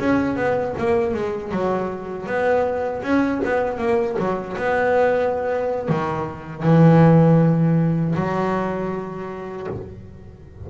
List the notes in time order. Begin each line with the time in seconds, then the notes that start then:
0.00 C#4
0.37 B3
0.78 A#3
1.14 G#3
1.52 F#3
2.26 B3
3.03 C#4
3.45 B3
3.78 A#3
4.19 F#3
4.57 B3
5.89 D#3
6.63 E3
8.15 F#3